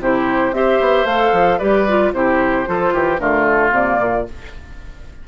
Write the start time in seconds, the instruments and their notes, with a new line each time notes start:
0.00 bassoon C3, clarinet E4, oboe G4, flute C5
0.53 bassoon C4, clarinet G4, oboe C5, flute E5
0.81 bassoon B3
1.05 bassoon A3, clarinet A4, flute F5
1.33 bassoon F3
1.59 bassoon G3, clarinet G4, oboe B4, flute D5
1.89 clarinet F4
2.13 bassoon C3, clarinet E4, oboe G4, flute C5
2.66 bassoon F3, clarinet F4, oboe A4
2.94 bassoon E3, oboe G4
3.19 bassoon D3, clarinet A3, oboe F4, flute A#4
3.46 flute A4
3.71 bassoon C3, clarinet A#3, flute D5
4.00 bassoon A#2